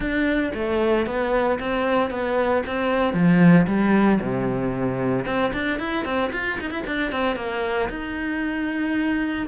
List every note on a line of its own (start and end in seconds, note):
0.00 0.51 D4
0.54 1.06 A3
1.06 1.58 B3
1.59 2.10 C4
2.10 2.62 B3
2.66 3.13 C4
3.13 3.66 F3
3.67 4.19 G3
4.21 5.25 C3
5.25 5.51 C4
5.53 5.79 D4
5.79 6.04 E4
6.04 6.31 C4
6.32 6.58 F4
6.60 6.70 D#4
6.70 6.83 E4
6.87 7.11 D4
7.11 7.36 C4
7.36 7.88 A#3
7.89 9.47 D#4